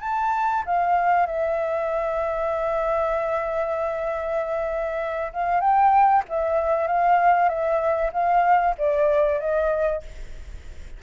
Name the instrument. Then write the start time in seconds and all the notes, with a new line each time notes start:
flute
0.00 A5
0.65 F5
1.26 E5
5.32 F5
5.60 G5
6.28 E5
6.87 F5
7.48 E5
8.12 F5
8.78 D5
9.39 D#5